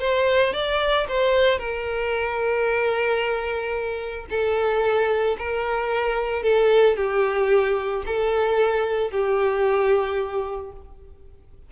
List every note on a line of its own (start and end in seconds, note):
0.00 0.54 C5
0.54 1.07 D5
1.09 1.59 C5
1.59 4.27 A#4
4.30 5.37 A4
5.39 6.43 A#4
6.43 6.97 A4
6.97 8.04 G4
8.06 9.11 A4
9.11 10.72 G4